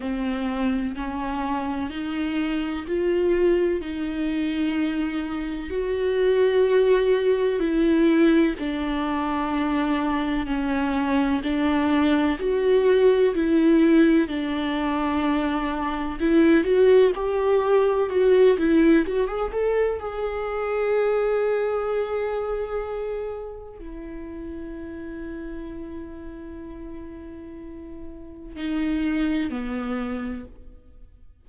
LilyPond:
\new Staff \with { instrumentName = "viola" } { \time 4/4 \tempo 4 = 63 c'4 cis'4 dis'4 f'4 | dis'2 fis'2 | e'4 d'2 cis'4 | d'4 fis'4 e'4 d'4~ |
d'4 e'8 fis'8 g'4 fis'8 e'8 | fis'16 gis'16 a'8 gis'2.~ | gis'4 e'2.~ | e'2 dis'4 b4 | }